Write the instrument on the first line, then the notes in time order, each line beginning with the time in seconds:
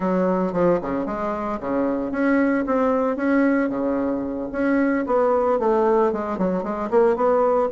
bassoon
0.00 F#3
0.53 F3
0.81 C#3
1.06 G#3
1.60 C#3
2.11 C#4
2.66 C4
3.16 C#4
3.69 C#3
4.52 C#4
5.06 B3
5.59 A3
6.12 G#3
6.37 F#3
6.63 G#3
6.90 A#3
7.15 B3